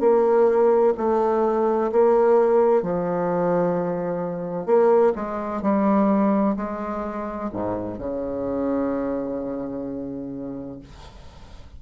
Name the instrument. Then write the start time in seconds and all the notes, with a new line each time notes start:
bassoon
0.00 A#3
0.98 A3
1.92 A#3
2.83 F3
4.66 A#3
5.15 G#3
5.62 G3
6.57 G#3
7.53 G#2
7.99 C#3